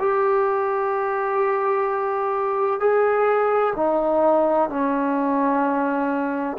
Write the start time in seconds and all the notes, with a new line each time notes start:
0.00 G4
2.80 G#4
3.76 D#4
4.70 C#4